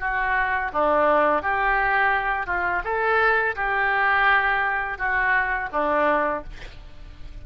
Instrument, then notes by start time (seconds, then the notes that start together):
oboe
0.00 F#4
0.73 D4
1.43 G4
2.47 F4
2.84 A4
3.56 G4
4.98 F#4
5.72 D4